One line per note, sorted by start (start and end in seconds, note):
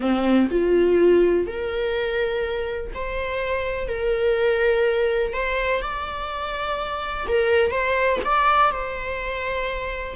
0.00 0.48 C4
0.50 1.46 F4
1.46 2.91 A#4
2.94 3.88 C5
3.88 5.33 A#4
5.33 5.81 C5
5.81 7.26 D5
7.28 7.71 A#4
7.71 8.19 C5
8.25 8.71 D5
8.71 10.15 C5